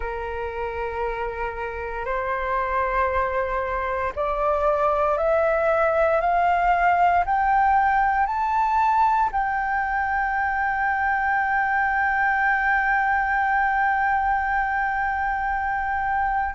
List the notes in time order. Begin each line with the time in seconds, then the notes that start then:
0.00 A#4
2.05 C5
4.15 D5
5.17 E5
6.21 F5
7.25 G5
8.26 A5
9.32 G5